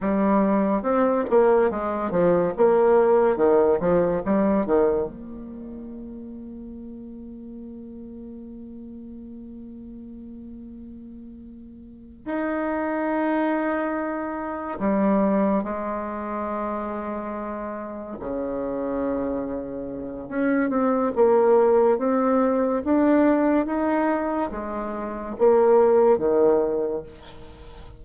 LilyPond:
\new Staff \with { instrumentName = "bassoon" } { \time 4/4 \tempo 4 = 71 g4 c'8 ais8 gis8 f8 ais4 | dis8 f8 g8 dis8 ais2~ | ais1~ | ais2~ ais8 dis'4.~ |
dis'4. g4 gis4.~ | gis4. cis2~ cis8 | cis'8 c'8 ais4 c'4 d'4 | dis'4 gis4 ais4 dis4 | }